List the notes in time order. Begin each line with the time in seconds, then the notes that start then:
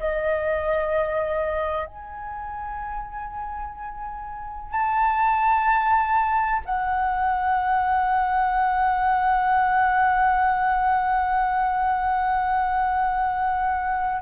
0.00 D#5
1.87 G#5
4.72 A5
6.66 F#5